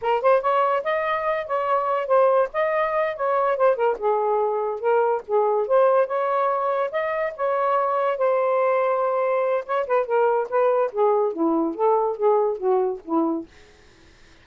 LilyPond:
\new Staff \with { instrumentName = "saxophone" } { \time 4/4 \tempo 4 = 143 ais'8 c''8 cis''4 dis''4. cis''8~ | cis''4 c''4 dis''4. cis''8~ | cis''8 c''8 ais'8 gis'2 ais'8~ | ais'8 gis'4 c''4 cis''4.~ |
cis''8 dis''4 cis''2 c''8~ | c''2. cis''8 b'8 | ais'4 b'4 gis'4 e'4 | a'4 gis'4 fis'4 e'4 | }